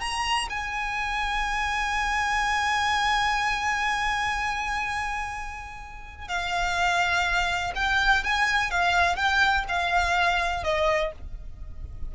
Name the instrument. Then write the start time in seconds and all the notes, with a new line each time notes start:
violin
0.00 A#5
0.50 G#5
6.28 F5
7.75 G5
8.24 G#5
8.71 F5
9.16 G5
9.68 F5
10.64 D#5